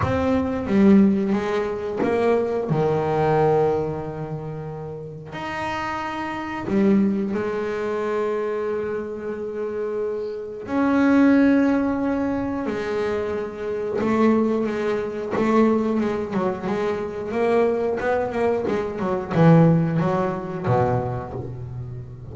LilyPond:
\new Staff \with { instrumentName = "double bass" } { \time 4/4 \tempo 4 = 90 c'4 g4 gis4 ais4 | dis1 | dis'2 g4 gis4~ | gis1 |
cis'2. gis4~ | gis4 a4 gis4 a4 | gis8 fis8 gis4 ais4 b8 ais8 | gis8 fis8 e4 fis4 b,4 | }